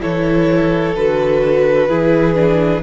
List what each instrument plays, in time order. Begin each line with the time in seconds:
0.00 cello E3, viola E4, violin A4 C#5
0.95 cello D3, viola F#4, violin B4
1.88 cello E3, viola E4, violin G#4
2.34 viola D4